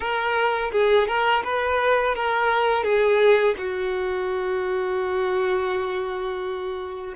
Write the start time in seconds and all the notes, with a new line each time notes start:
0.00 A#4
0.71 G#4
1.07 A#4
1.44 B4
2.15 A#4
2.83 G#4
3.57 F#4